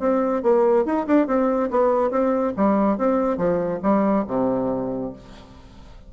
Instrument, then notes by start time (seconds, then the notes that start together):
bassoon
0.00 C4
0.43 A#3
0.85 D#4
1.07 D4
1.27 C4
1.71 B3
2.11 C4
2.57 G3
2.98 C4
3.38 F3
3.83 G3
4.28 C3